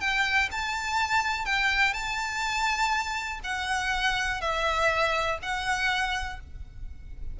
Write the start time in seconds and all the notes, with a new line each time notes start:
0.00 G5
0.51 A5
1.45 G5
1.93 A5
3.44 F#5
4.41 E5
5.42 F#5